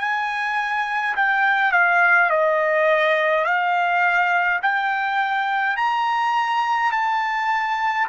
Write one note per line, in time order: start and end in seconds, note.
0.00 1.15 G#5
1.16 1.72 G5
1.72 2.30 F5
2.30 3.45 D#5
3.45 4.60 F5
4.63 5.76 G5
5.76 6.92 A#5
6.92 8.07 A5